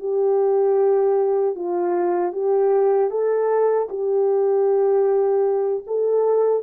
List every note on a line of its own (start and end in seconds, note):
0.00 1.56 G4
1.56 2.33 F4
2.33 3.11 G4
3.11 3.89 A4
3.90 5.84 G4
5.87 6.63 A4